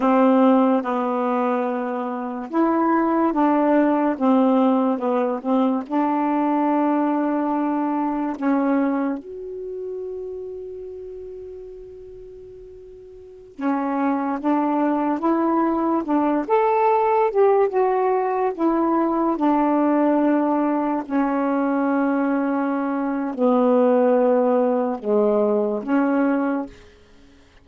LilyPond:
\new Staff \with { instrumentName = "saxophone" } { \time 4/4 \tempo 4 = 72 c'4 b2 e'4 | d'4 c'4 b8 c'8 d'4~ | d'2 cis'4 fis'4~ | fis'1~ |
fis'16 cis'4 d'4 e'4 d'8 a'16~ | a'8. g'8 fis'4 e'4 d'8.~ | d'4~ d'16 cis'2~ cis'8. | b2 gis4 cis'4 | }